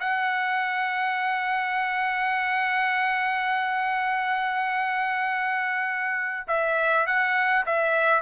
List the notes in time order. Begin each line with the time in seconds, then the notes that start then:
0.00 F#5
6.47 E5
7.06 F#5
7.66 E5